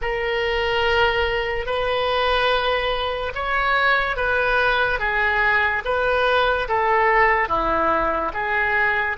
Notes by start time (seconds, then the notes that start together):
0.01 A#4
1.66 B4
3.34 C#5
4.16 B4
4.99 G#4
5.84 B4
6.68 A4
7.48 E4
8.33 G#4